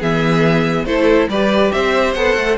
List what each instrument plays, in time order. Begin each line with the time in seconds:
0.00 cello E3, viola B3, violin G#4 E5
0.85 cello A3, viola E4, violin A4 C5
1.29 cello G3, viola G4, violin B4 D5
1.72 cello C4, violin C5 E5
2.14 cello B3, viola A4, violin F#5
2.37 cello A3